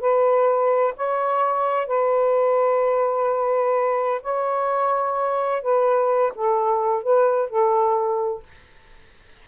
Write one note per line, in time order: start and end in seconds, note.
0.00 0.94 B4
0.97 1.87 C#5
1.87 4.21 B4
4.22 5.62 C#5
5.62 6.32 B4
6.35 7.03 A4
7.03 7.49 B4
7.49 8.43 A4